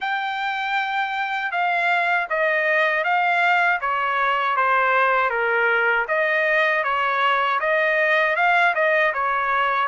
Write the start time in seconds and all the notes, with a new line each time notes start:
0.00 G5
1.51 F5
2.29 D#5
3.03 F5
3.80 C#5
4.56 C5
5.30 A#4
6.08 D#5
6.83 C#5
7.59 D#5
8.36 F5
8.74 D#5
9.13 C#5